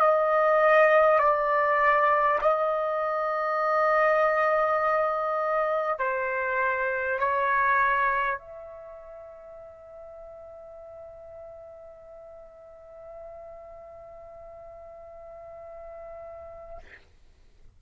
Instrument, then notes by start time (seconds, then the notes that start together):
trumpet
0.00 D#5
1.19 D5
2.42 D#5
5.99 C5
7.19 C#5
8.38 E5